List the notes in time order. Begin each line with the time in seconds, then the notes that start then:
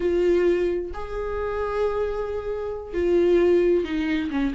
0.00 F4
0.93 G#4
2.93 F4
3.84 D#4
4.30 C#4